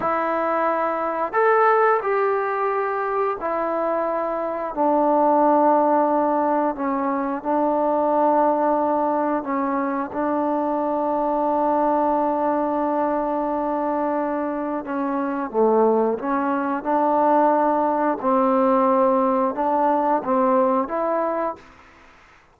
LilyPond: \new Staff \with { instrumentName = "trombone" } { \time 4/4 \tempo 4 = 89 e'2 a'4 g'4~ | g'4 e'2 d'4~ | d'2 cis'4 d'4~ | d'2 cis'4 d'4~ |
d'1~ | d'2 cis'4 a4 | cis'4 d'2 c'4~ | c'4 d'4 c'4 e'4 | }